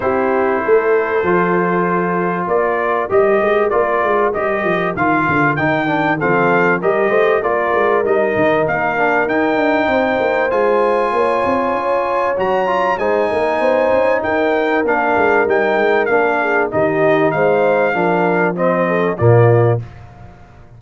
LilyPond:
<<
  \new Staff \with { instrumentName = "trumpet" } { \time 4/4 \tempo 4 = 97 c''1 | d''4 dis''4 d''4 dis''4 | f''4 g''4 f''4 dis''4 | d''4 dis''4 f''4 g''4~ |
g''4 gis''2. | ais''4 gis''2 g''4 | f''4 g''4 f''4 dis''4 | f''2 dis''4 d''4 | }
  \new Staff \with { instrumentName = "horn" } { \time 4/4 g'4 a'2. | ais'1~ | ais'2 a'4 ais'8 c''8 | ais'1 |
c''2 cis''2~ | cis''4 c''8 ais'8 c''4 ais'4~ | ais'2~ ais'8 gis'8 g'4 | c''4 ais'4 c''8 a'8 f'4 | }
  \new Staff \with { instrumentName = "trombone" } { \time 4/4 e'2 f'2~ | f'4 g'4 f'4 g'4 | f'4 dis'8 d'8 c'4 g'4 | f'4 dis'4. d'8 dis'4~ |
dis'4 f'2. | fis'8 f'8 dis'2. | d'4 dis'4 d'4 dis'4~ | dis'4 d'4 c'4 ais4 | }
  \new Staff \with { instrumentName = "tuba" } { \time 4/4 c'4 a4 f2 | ais4 g8 gis8 ais8 gis8 g8 f8 | dis8 d8 dis4 f4 g8 a8 | ais8 gis8 g8 dis8 ais4 dis'8 d'8 |
c'8 ais8 gis4 ais8 c'8 cis'4 | fis4 gis8 ais8 b8 cis'8 dis'4 | ais8 gis8 g8 gis8 ais4 dis4 | gis4 f2 ais,4 | }
>>